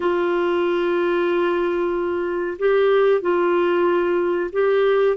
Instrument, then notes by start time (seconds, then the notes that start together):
clarinet
0.00 F4
2.58 G4
3.21 F4
4.52 G4